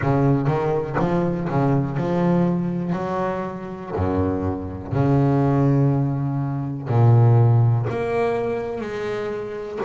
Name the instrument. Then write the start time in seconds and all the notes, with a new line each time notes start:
double bass
0.01 C#3
0.46 D#3
0.99 F3
1.48 C#3
1.96 F3
2.92 F#3
3.95 F#2
4.92 C#3
6.88 A#2
7.89 A#3
8.80 G#3